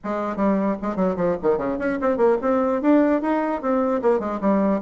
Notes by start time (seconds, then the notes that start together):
0.03 G#3
0.36 G3
0.81 G#3
0.96 F#3
1.16 F3
1.42 D#3
1.57 C#3
1.78 C#4
2.01 C4
2.17 A#3
2.41 C4
2.81 D4
3.21 D#4
3.61 C4
4.02 A#3
4.19 G#3
4.40 G3